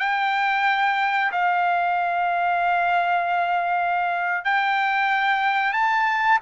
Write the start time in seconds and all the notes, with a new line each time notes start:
0.00 G5
1.32 F5
4.45 G5
5.74 A5